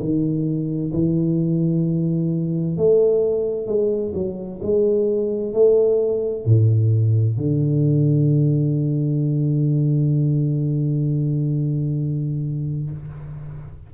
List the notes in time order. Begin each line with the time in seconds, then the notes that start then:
0.00 D#3
0.94 E3
2.77 A3
3.67 G#3
4.15 F#3
4.62 G#3
5.53 A3
6.45 A2
7.37 D3